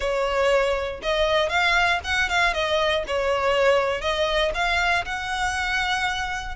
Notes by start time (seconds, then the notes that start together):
0.00 C#5
1.02 D#5
1.49 F5
2.04 F#5
2.29 F5
2.53 D#5
3.07 C#5
4.01 D#5
4.54 F5
5.05 F#5